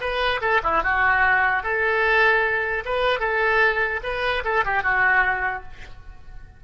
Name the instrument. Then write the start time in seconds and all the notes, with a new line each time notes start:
oboe
0.00 B4
0.41 A4
0.63 E4
0.83 F#4
1.63 A4
2.85 B4
3.19 A4
4.03 B4
4.44 A4
4.65 G4
4.82 F#4